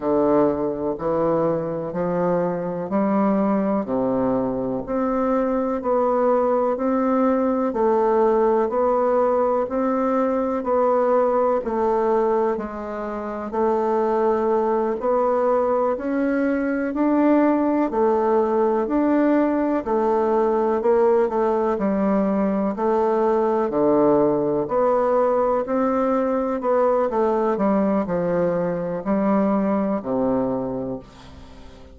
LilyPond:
\new Staff \with { instrumentName = "bassoon" } { \time 4/4 \tempo 4 = 62 d4 e4 f4 g4 | c4 c'4 b4 c'4 | a4 b4 c'4 b4 | a4 gis4 a4. b8~ |
b8 cis'4 d'4 a4 d'8~ | d'8 a4 ais8 a8 g4 a8~ | a8 d4 b4 c'4 b8 | a8 g8 f4 g4 c4 | }